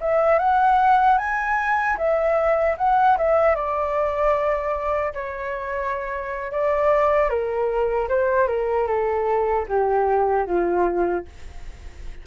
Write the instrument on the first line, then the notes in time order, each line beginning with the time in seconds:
flute
0.00 E5
0.39 F#5
1.18 G#5
1.97 E5
2.78 F#5
3.18 E5
3.55 D5
5.14 C#5
6.51 D5
7.30 A#4
8.09 C5
8.48 A#4
8.87 A4
9.69 G4
10.46 F4